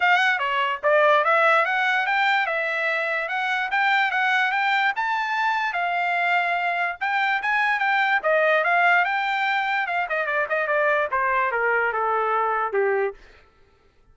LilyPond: \new Staff \with { instrumentName = "trumpet" } { \time 4/4 \tempo 4 = 146 fis''4 cis''4 d''4 e''4 | fis''4 g''4 e''2 | fis''4 g''4 fis''4 g''4 | a''2 f''2~ |
f''4 g''4 gis''4 g''4 | dis''4 f''4 g''2 | f''8 dis''8 d''8 dis''8 d''4 c''4 | ais'4 a'2 g'4 | }